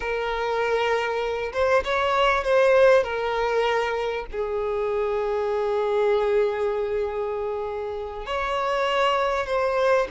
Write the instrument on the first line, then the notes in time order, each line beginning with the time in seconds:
violin
0.00 A#4
1.53 C5
1.84 C#5
2.44 C5
3.03 A#4
4.31 G#4
8.26 C#5
9.46 C5